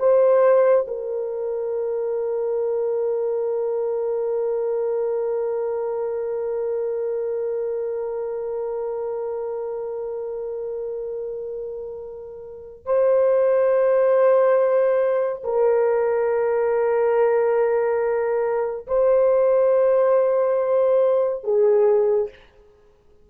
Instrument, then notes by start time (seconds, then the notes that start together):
horn
0.00 C5
0.88 A#4
12.86 C5
15.44 A#4
18.87 C5
21.44 G#4